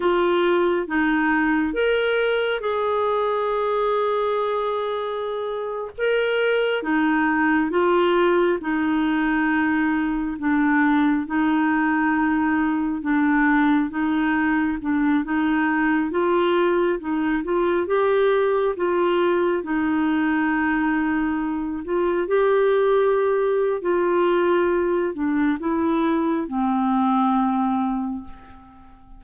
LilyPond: \new Staff \with { instrumentName = "clarinet" } { \time 4/4 \tempo 4 = 68 f'4 dis'4 ais'4 gis'4~ | gis'2~ gis'8. ais'4 dis'16~ | dis'8. f'4 dis'2 d'16~ | d'8. dis'2 d'4 dis'16~ |
dis'8. d'8 dis'4 f'4 dis'8 f'16~ | f'16 g'4 f'4 dis'4.~ dis'16~ | dis'8. f'8 g'4.~ g'16 f'4~ | f'8 d'8 e'4 c'2 | }